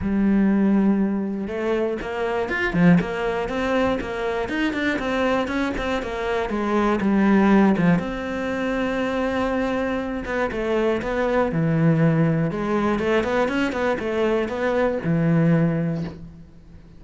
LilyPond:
\new Staff \with { instrumentName = "cello" } { \time 4/4 \tempo 4 = 120 g2. a4 | ais4 f'8 f8 ais4 c'4 | ais4 dis'8 d'8 c'4 cis'8 c'8 | ais4 gis4 g4. f8 |
c'1~ | c'8 b8 a4 b4 e4~ | e4 gis4 a8 b8 cis'8 b8 | a4 b4 e2 | }